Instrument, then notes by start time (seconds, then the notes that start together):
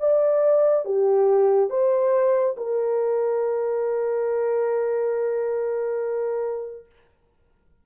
horn
0.00 D5
0.85 G4
1.70 C5
2.58 A#4